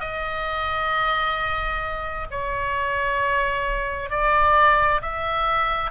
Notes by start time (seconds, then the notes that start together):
0.00 D#5
2.31 C#5
4.10 D5
5.02 E5